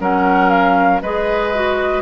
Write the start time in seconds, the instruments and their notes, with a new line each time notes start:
0.00 bassoon F#3, clarinet C#4, oboe A#4, flute F#5
0.50 flute F5
1.02 bassoon G#3, clarinet G#4, oboe B4, flute D#5
1.54 clarinet F#4